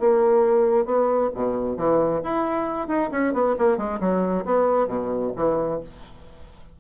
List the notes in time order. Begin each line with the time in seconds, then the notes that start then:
0.00 A#3
0.86 B3
1.35 B2
1.77 E3
2.23 E4
2.88 D#4
3.11 C#4
3.34 B3
3.58 A#3
3.77 G#3
4.00 F#3
4.45 B3
4.88 B2
5.36 E3